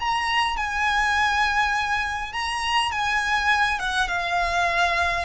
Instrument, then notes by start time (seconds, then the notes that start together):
violin
0.00 A#5
0.57 G#5
2.33 A#5
2.92 G#5
3.79 F#5
4.08 F5